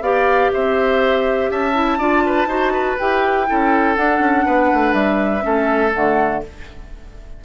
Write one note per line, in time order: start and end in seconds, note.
0.00 0.49 B3
0.00 1.73 G4
0.00 0.51 D5
0.00 0.51 F5
0.52 1.50 C4
0.52 1.51 C5
0.52 1.50 E5
1.50 1.98 C#4
1.50 1.98 E5
1.50 2.98 A5
1.73 1.98 E4
1.98 2.46 D4
1.98 2.47 F4
1.98 2.23 D5
2.26 2.48 B4
2.46 2.95 D#4
2.46 2.96 F#4
2.46 2.72 C5
2.73 3.46 B4
2.98 3.49 E4
2.98 3.47 G4
2.98 3.95 G5
3.47 3.97 C#4
3.47 3.96 E4
3.47 4.45 A4
3.95 5.40 D4
3.95 4.19 D4
3.95 4.93 F#5
4.19 4.43 C#4
4.45 4.71 B3
4.45 5.44 B4
4.73 4.93 A3
4.93 5.42 G3
4.93 5.91 E5
5.40 5.94 A3
5.40 5.89 C#4
5.40 6.43 A4
5.94 6.44 D3
5.94 6.43 A3
5.94 6.43 F#5